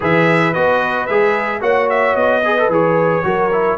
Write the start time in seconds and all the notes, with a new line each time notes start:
0.00 E3 G#4 B4 E5
0.53 B3 F#4 D#5
1.06 G#3 G#4 E5
1.60 A#3 F#4 C#5 F#5
1.89 E5
2.15 B3 D#5
2.44 G#4 B4
2.58 A4
2.68 E3 G#4 C#5
3.23 F#3 F#4 A#4
3.52 E4